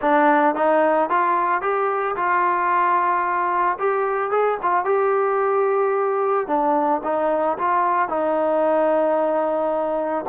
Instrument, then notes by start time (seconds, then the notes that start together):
trombone
0.01 D4
0.55 D#4
1.09 F4
1.61 G4
2.15 F4
3.78 G4
4.30 G#4
4.62 F4
4.85 G4
6.47 D4
7.03 D#4
7.58 F4
8.08 D#4